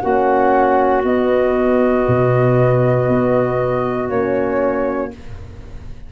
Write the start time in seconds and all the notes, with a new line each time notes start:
0.00 A#3 C#4 F#4 F#5
1.04 B3 D#5
2.07 B2
3.08 B3
4.09 A#3 C#4 C#5